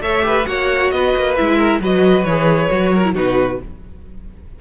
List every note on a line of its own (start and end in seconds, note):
0.00 0.45 A3
0.00 0.22 A4
0.00 0.24 C#5
0.00 0.46 E5
0.22 0.44 G4
0.22 0.48 B4
0.46 0.92 A#3
0.46 1.36 F#4
0.46 0.94 C#5
0.46 0.90 F#5
0.90 1.14 B3
0.90 1.57 B4
0.90 1.35 D#5
1.16 1.38 A#3
1.35 1.79 G#3
1.35 1.81 E4
1.35 1.80 E5
1.57 1.79 A#4
1.79 2.24 F#3
1.79 2.27 F#4
1.79 2.93 B4
1.79 2.24 D#5
2.24 2.69 E3
2.24 2.70 G#4
2.24 3.13 C#5
2.70 3.15 F#3
2.70 3.03 F#4
2.93 3.14 A#4
3.04 3.14 E4
3.14 3.60 B2
3.14 3.59 D#4
3.14 3.59 F#4
3.14 3.61 B4